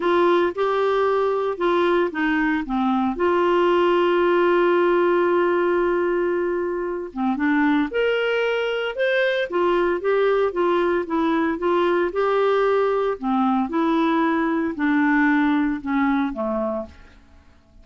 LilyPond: \new Staff \with { instrumentName = "clarinet" } { \time 4/4 \tempo 4 = 114 f'4 g'2 f'4 | dis'4 c'4 f'2~ | f'1~ | f'4. c'8 d'4 ais'4~ |
ais'4 c''4 f'4 g'4 | f'4 e'4 f'4 g'4~ | g'4 c'4 e'2 | d'2 cis'4 a4 | }